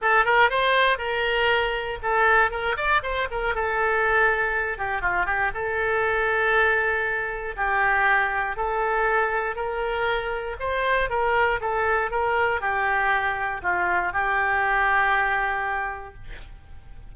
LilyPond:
\new Staff \with { instrumentName = "oboe" } { \time 4/4 \tempo 4 = 119 a'8 ais'8 c''4 ais'2 | a'4 ais'8 d''8 c''8 ais'8 a'4~ | a'4. g'8 f'8 g'8 a'4~ | a'2. g'4~ |
g'4 a'2 ais'4~ | ais'4 c''4 ais'4 a'4 | ais'4 g'2 f'4 | g'1 | }